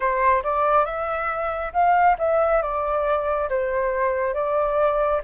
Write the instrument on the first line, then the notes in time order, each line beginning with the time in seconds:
flute
0.00 C5
0.43 D5
0.85 E5
1.73 F5
2.18 E5
2.61 D5
3.49 C5
4.34 D5